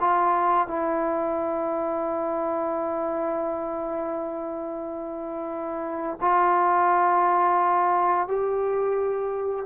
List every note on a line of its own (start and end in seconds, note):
0.00 0.67 F4
0.67 6.19 E4
6.21 8.28 F4
8.28 9.66 G4